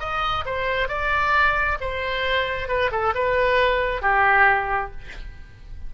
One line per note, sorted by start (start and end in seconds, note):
0.00 0.45 D#5
0.46 0.88 C5
0.88 1.78 D5
1.81 2.69 C5
2.69 2.91 B4
2.92 3.14 A4
3.15 4.02 B4
4.02 4.92 G4